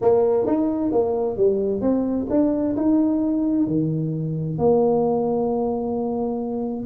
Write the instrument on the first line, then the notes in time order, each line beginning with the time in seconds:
tuba
0.01 A#3
0.46 D#4
0.92 A#3
1.36 G3
1.81 C4
2.30 D4
2.76 D#4
3.66 D#3
4.58 A#3